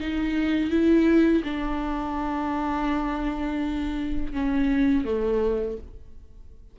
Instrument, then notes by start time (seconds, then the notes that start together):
viola
0.00 D#4
0.71 E4
1.44 D4
4.33 C#4
5.05 A3